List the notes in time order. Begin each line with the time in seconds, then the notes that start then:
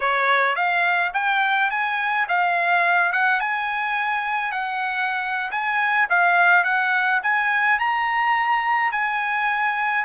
0.00 C#5
0.55 F5
1.13 G5
1.70 G#5
2.28 F5
3.12 F#5
3.40 G#5
4.51 F#5
5.51 G#5
6.09 F5
6.64 F#5
7.22 G#5
7.79 A#5
8.92 G#5